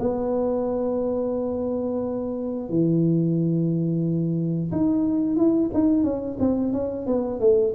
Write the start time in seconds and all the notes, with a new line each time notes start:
0.00 B3
2.69 E3
4.72 D#4
5.37 E4
5.74 D#4
6.04 C#4
6.40 C4
6.73 C#4
7.07 B3
7.40 A3